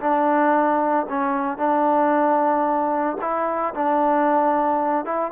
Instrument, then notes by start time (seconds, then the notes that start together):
trombone
0.00 D4
1.09 C#4
1.58 D4
3.21 E4
3.74 D4
5.05 E4